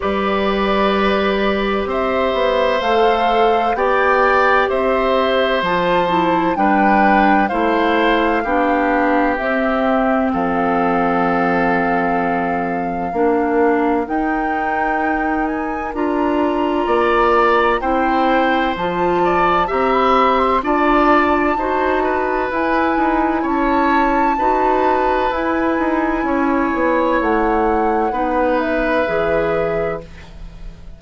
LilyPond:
<<
  \new Staff \with { instrumentName = "flute" } { \time 4/4 \tempo 4 = 64 d''2 e''4 f''4 | g''4 e''4 a''4 g''4 | f''2 e''4 f''4~ | f''2. g''4~ |
g''8 gis''8 ais''2 g''4 | a''4 ais''16 b''8 c'''16 a''2 | gis''4 a''2 gis''4~ | gis''4 fis''4. e''4. | }
  \new Staff \with { instrumentName = "oboe" } { \time 4/4 b'2 c''2 | d''4 c''2 b'4 | c''4 g'2 a'4~ | a'2 ais'2~ |
ais'2 d''4 c''4~ | c''8 d''8 e''4 d''4 c''8 b'8~ | b'4 cis''4 b'2 | cis''2 b'2 | }
  \new Staff \with { instrumentName = "clarinet" } { \time 4/4 g'2. a'4 | g'2 f'8 e'8 d'4 | e'4 d'4 c'2~ | c'2 d'4 dis'4~ |
dis'4 f'2 e'4 | f'4 g'4 f'4 fis'4 | e'2 fis'4 e'4~ | e'2 dis'4 gis'4 | }
  \new Staff \with { instrumentName = "bassoon" } { \time 4/4 g2 c'8 b8 a4 | b4 c'4 f4 g4 | a4 b4 c'4 f4~ | f2 ais4 dis'4~ |
dis'4 d'4 ais4 c'4 | f4 c'4 d'4 dis'4 | e'8 dis'8 cis'4 dis'4 e'8 dis'8 | cis'8 b8 a4 b4 e4 | }
>>